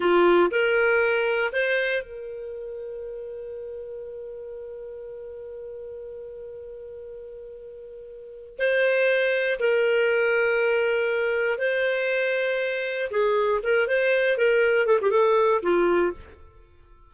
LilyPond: \new Staff \with { instrumentName = "clarinet" } { \time 4/4 \tempo 4 = 119 f'4 ais'2 c''4 | ais'1~ | ais'1~ | ais'1~ |
ais'4 c''2 ais'4~ | ais'2. c''4~ | c''2 gis'4 ais'8 c''8~ | c''8 ais'4 a'16 g'16 a'4 f'4 | }